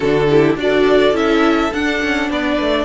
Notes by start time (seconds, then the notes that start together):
0.00 D3 D4 F#4 A4
0.29 E4 G4
0.55 D4 F#4 D5
0.62 A4
1.13 C#4 E4 E5
1.73 D4 F#5
2.02 C#4
2.29 B3 B4 D5
2.60 A3